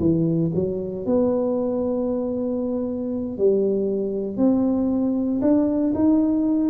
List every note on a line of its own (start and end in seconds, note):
0.00 0.52 E3
0.55 1.06 F#3
1.06 3.38 B3
3.38 4.37 G3
4.37 5.41 C4
5.41 5.93 D4
5.95 6.70 D#4